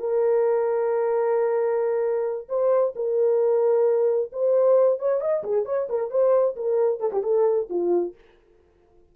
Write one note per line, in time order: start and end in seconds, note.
0.00 2.48 A#4
2.50 2.94 C5
2.96 4.31 A#4
4.33 5.00 C5
5.00 5.21 C#5
5.21 5.44 D#5
5.44 5.66 G#4
5.66 5.88 C#5
5.90 6.11 A#4
6.11 6.56 C5
6.56 7.00 A#4
7.00 7.12 A4
7.13 7.24 G4
7.24 7.69 A4
7.70 8.15 F4